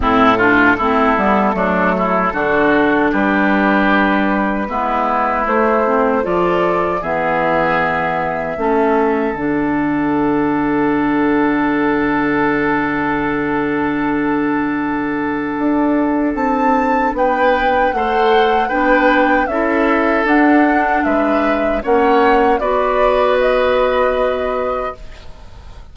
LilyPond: <<
  \new Staff \with { instrumentName = "flute" } { \time 4/4 \tempo 4 = 77 a'1 | b'2. c''4 | d''4 e''2. | fis''1~ |
fis''1~ | fis''4 a''4 g''4 fis''4 | g''4 e''4 fis''4 e''4 | fis''4 d''4 dis''2 | }
  \new Staff \with { instrumentName = "oboe" } { \time 4/4 e'8 f'8 e'4 d'8 e'8 fis'4 | g'2 e'2 | a'4 gis'2 a'4~ | a'1~ |
a'1~ | a'2 b'4 c''4 | b'4 a'2 b'4 | cis''4 b'2. | }
  \new Staff \with { instrumentName = "clarinet" } { \time 4/4 c'8 d'8 c'8 b8 a4 d'4~ | d'2 b4 a8 c'8 | f'4 b2 cis'4 | d'1~ |
d'1~ | d'2. a'4 | d'4 e'4 d'2 | cis'4 fis'2. | }
  \new Staff \with { instrumentName = "bassoon" } { \time 4/4 a,4 a8 g8 fis4 d4 | g2 gis4 a4 | f4 e2 a4 | d1~ |
d1 | d'4 c'4 b4 a4 | b4 cis'4 d'4 gis4 | ais4 b2. | }
>>